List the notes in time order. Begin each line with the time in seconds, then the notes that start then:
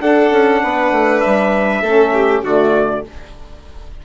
0.00 D4 A4 F#5
0.31 C#4
0.63 B3 B4
0.92 A3
1.21 G3 E5
1.81 A3 C#4 A4
2.14 G4
2.42 D3 A3 F#4 D5